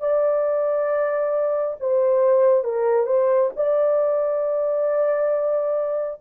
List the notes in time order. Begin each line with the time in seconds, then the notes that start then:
0.00 D5
1.80 C5
2.64 A#4
3.06 C5
3.56 D5